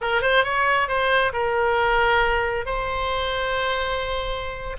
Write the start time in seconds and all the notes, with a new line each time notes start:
0.01 A#4
0.21 C5
0.44 C#5
0.87 C5
1.33 A#4
2.65 C5